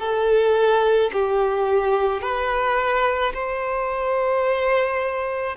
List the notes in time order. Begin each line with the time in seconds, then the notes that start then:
0.00 A4
1.13 G4
2.22 B4
3.34 C5